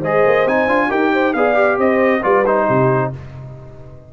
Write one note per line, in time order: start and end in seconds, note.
0.00 0.24 G#3
0.00 0.48 G#4
0.00 0.88 C5
0.00 0.48 D#5
0.26 0.46 A#3
0.46 0.67 C4
0.46 0.68 D#4
0.46 0.92 G#5
0.67 0.89 D4
0.67 0.90 F4
0.90 1.35 D#4
0.90 1.34 G4
0.90 1.12 A#4
0.90 1.33 G5
1.13 1.35 C5
1.33 1.78 B3
1.33 1.55 G#4
1.33 1.79 D5
1.33 1.77 F5
1.55 2.21 G4
1.78 2.22 C4
1.78 2.23 C5
1.78 2.24 D#5
2.23 2.69 G3
2.23 2.45 F4
2.23 2.66 B4
2.23 2.46 D5
2.46 3.13 D#4
2.46 3.12 C5
2.66 3.13 C3
2.66 3.10 G4